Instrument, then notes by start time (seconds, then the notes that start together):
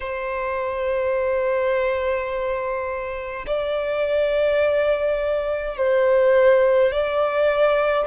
violin
0.00 C5
3.46 D5
5.77 C5
6.91 D5